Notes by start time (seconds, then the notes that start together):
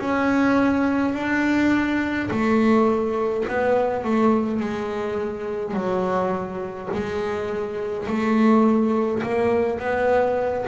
0.00 C#4
1.14 D4
2.31 A3
3.49 B3
4.04 A3
4.60 G#3
5.74 F#3
6.93 G#3
8.07 A3
9.23 A#3
9.80 B3